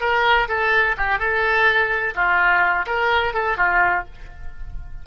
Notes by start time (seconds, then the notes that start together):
0.00 A#4
0.48 A4
0.97 G4
1.19 A4
2.15 F4
2.86 A#4
3.34 A4
3.57 F4